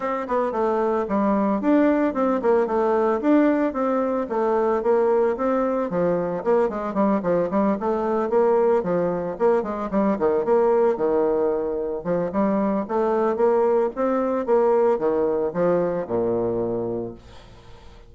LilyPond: \new Staff \with { instrumentName = "bassoon" } { \time 4/4 \tempo 4 = 112 c'8 b8 a4 g4 d'4 | c'8 ais8 a4 d'4 c'4 | a4 ais4 c'4 f4 | ais8 gis8 g8 f8 g8 a4 ais8~ |
ais8 f4 ais8 gis8 g8 dis8 ais8~ | ais8 dis2 f8 g4 | a4 ais4 c'4 ais4 | dis4 f4 ais,2 | }